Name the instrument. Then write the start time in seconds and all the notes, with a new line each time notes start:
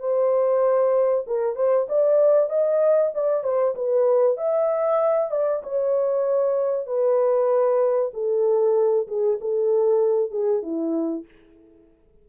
horn
0.00 C5
1.27 A#4
1.56 C5
1.89 D5
2.50 D#5
3.15 D5
3.44 C5
3.75 B4
4.38 E5
5.31 D5
5.64 C#5
6.87 B4
8.14 A4
9.08 G#4
9.41 A4
10.31 G#4
10.62 E4